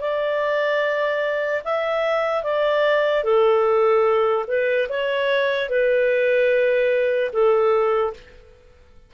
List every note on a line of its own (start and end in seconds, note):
0.00 1.62 D5
1.64 2.43 E5
2.43 3.23 D5
3.23 4.45 A4
4.47 4.88 B4
4.89 5.69 C#5
5.69 7.31 B4
7.32 8.13 A4